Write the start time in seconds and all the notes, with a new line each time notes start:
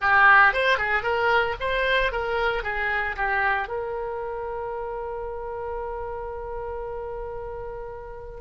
0.01 G4
0.53 C5
0.78 G#4
1.02 A#4
1.59 C5
2.11 A#4
2.63 G#4
3.16 G4
3.67 A#4